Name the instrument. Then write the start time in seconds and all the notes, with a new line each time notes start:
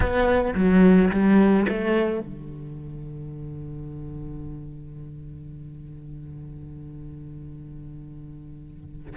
cello
0.00 B3
0.54 F#3
1.10 G3
1.68 A3
2.20 D3